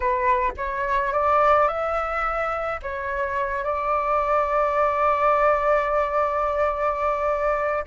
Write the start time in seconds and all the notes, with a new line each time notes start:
0.00 B4
0.57 C#5
1.12 D5
1.67 E5
2.82 C#5
3.63 D5